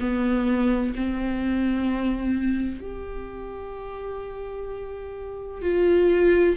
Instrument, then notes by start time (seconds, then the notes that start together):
viola
0.00 B3
0.95 C4
2.80 G4
5.62 F4